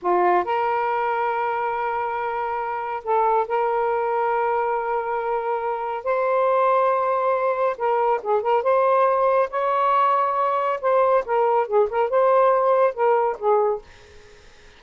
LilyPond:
\new Staff \with { instrumentName = "saxophone" } { \time 4/4 \tempo 4 = 139 f'4 ais'2.~ | ais'2. a'4 | ais'1~ | ais'2 c''2~ |
c''2 ais'4 gis'8 ais'8 | c''2 cis''2~ | cis''4 c''4 ais'4 gis'8 ais'8 | c''2 ais'4 gis'4 | }